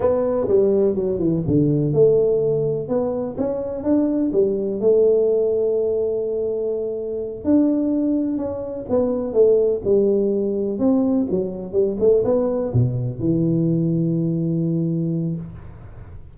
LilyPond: \new Staff \with { instrumentName = "tuba" } { \time 4/4 \tempo 4 = 125 b4 g4 fis8 e8 d4 | a2 b4 cis'4 | d'4 g4 a2~ | a2.~ a8 d'8~ |
d'4. cis'4 b4 a8~ | a8 g2 c'4 fis8~ | fis8 g8 a8 b4 b,4 e8~ | e1 | }